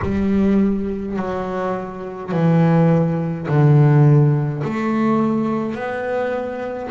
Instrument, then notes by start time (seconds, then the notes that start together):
double bass
0.02 G3
1.16 F#3
2.31 E3
3.48 D3
4.63 A3
5.74 B3